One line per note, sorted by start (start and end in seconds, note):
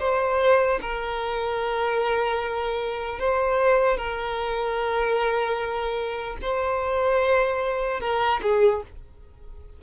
0.00 0.80 C5
0.81 3.19 A#4
3.19 3.97 C5
3.97 6.37 A#4
6.42 8.01 C5
8.01 8.41 A#4
8.43 8.83 G#4